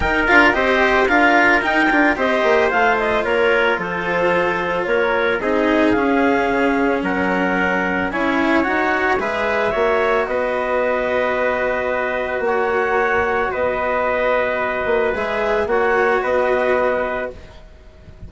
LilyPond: <<
  \new Staff \with { instrumentName = "clarinet" } { \time 4/4 \tempo 4 = 111 g''8 f''8 dis''4 f''4 g''4 | dis''4 f''8 dis''8 cis''4 c''4~ | c''4 cis''4 dis''4 f''4~ | f''4 fis''2 gis''4 |
fis''4 e''2 dis''4~ | dis''2. fis''4~ | fis''4 dis''2. | e''4 fis''4 dis''2 | }
  \new Staff \with { instrumentName = "trumpet" } { \time 4/4 ais'4 c''4 ais'2 | c''2 ais'4 a'4~ | a'4 ais'4 gis'2~ | gis'4 ais'2 cis''4~ |
cis''4 b'4 cis''4 b'4~ | b'2. cis''4~ | cis''4 b'2.~ | b'4 cis''4 b'2 | }
  \new Staff \with { instrumentName = "cello" } { \time 4/4 dis'8 f'8 g'4 f'4 dis'8 f'8 | g'4 f'2.~ | f'2 dis'4 cis'4~ | cis'2. e'4 |
fis'4 gis'4 fis'2~ | fis'1~ | fis'1 | gis'4 fis'2. | }
  \new Staff \with { instrumentName = "bassoon" } { \time 4/4 dis'8 d'8 c'4 d'4 dis'8 d'8 | c'8 ais8 a4 ais4 f4~ | f4 ais4 c'4 cis'4 | cis4 fis2 cis'4 |
dis'4 gis4 ais4 b4~ | b2. ais4~ | ais4 b2~ b8 ais8 | gis4 ais4 b2 | }
>>